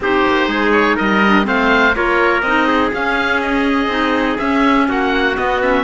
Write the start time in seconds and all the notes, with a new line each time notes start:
0.00 C4 D#4 G4 C5
0.27 A#3
0.47 G#3 G#4
0.71 C#5
0.96 G3 A#4 D#5
1.27 D4
1.43 A3 C4 C5 F5
1.94 A#3 F4 A#4 C#5
2.41 C4 D#4 D#5
2.67 G#4
2.91 C#4 F5
3.41 D#5
3.87 C4 D#4
4.38 C#4 E5
4.88 A#3 F#4 F#5
5.35 B3 D#5
5.60 C#4 E5